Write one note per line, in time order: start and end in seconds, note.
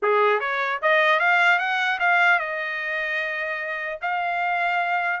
0.02 0.40 G#4
0.40 0.80 C#5
0.82 1.19 D#5
1.19 1.58 F5
1.58 1.98 F#5
1.99 2.39 F5
2.39 3.99 D#5
4.01 5.20 F5